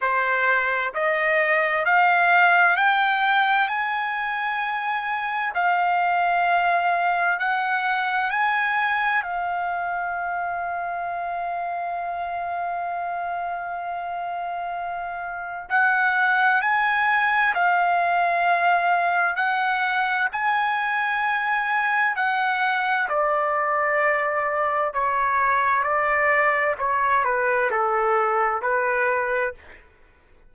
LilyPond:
\new Staff \with { instrumentName = "trumpet" } { \time 4/4 \tempo 4 = 65 c''4 dis''4 f''4 g''4 | gis''2 f''2 | fis''4 gis''4 f''2~ | f''1~ |
f''4 fis''4 gis''4 f''4~ | f''4 fis''4 gis''2 | fis''4 d''2 cis''4 | d''4 cis''8 b'8 a'4 b'4 | }